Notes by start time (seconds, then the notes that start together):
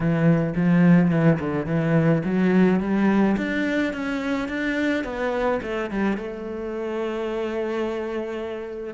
0.00 E3
0.55 F3
1.10 E3
1.39 D3
1.66 E3
2.25 F#3
2.80 G3
3.37 D4
3.93 C#4
4.48 D4
5.04 B3
5.62 A3
5.90 G3
6.17 A3